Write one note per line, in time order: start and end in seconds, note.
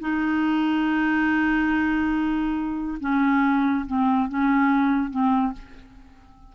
0.00 2.98 D#4
3.00 3.85 C#4
3.86 4.29 C4
4.29 5.10 C#4
5.10 5.53 C4